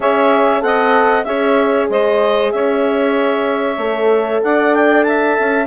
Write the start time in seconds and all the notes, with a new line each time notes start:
0.00 C#4 G#4 C#5 E5
0.61 C4 A4 D#5 F#5
1.23 C#4 G#4 C#5 E5
1.89 G#3 C5 D#5
2.51 C#4 C#5 E5
3.77 A3 A4
4.43 D4 D5 F#5
4.74 G5
5.03 E5 A5
5.39 C#4